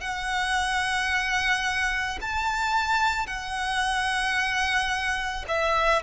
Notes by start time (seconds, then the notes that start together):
0.00 F#5
2.21 A5
3.27 F#5
5.48 E5